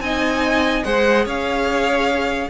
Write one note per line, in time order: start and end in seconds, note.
0.00 0.83 C4
0.00 0.84 D#4
0.00 0.85 D#5
0.00 0.83 G#5
0.83 1.25 G#3
0.83 2.49 G#4
0.83 1.25 C5
0.83 1.25 F#5
1.25 2.50 C#4
1.25 2.49 C#5
1.25 2.50 F5